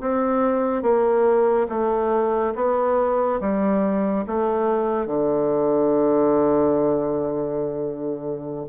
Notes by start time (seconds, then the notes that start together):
0.00 C4
0.82 A#3
1.69 A3
2.55 B3
3.40 G3
4.26 A3
5.06 D3